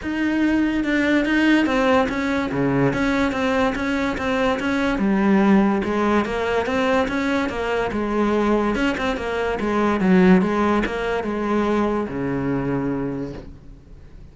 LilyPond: \new Staff \with { instrumentName = "cello" } { \time 4/4 \tempo 4 = 144 dis'2 d'4 dis'4 | c'4 cis'4 cis4 cis'4 | c'4 cis'4 c'4 cis'4 | g2 gis4 ais4 |
c'4 cis'4 ais4 gis4~ | gis4 cis'8 c'8 ais4 gis4 | fis4 gis4 ais4 gis4~ | gis4 cis2. | }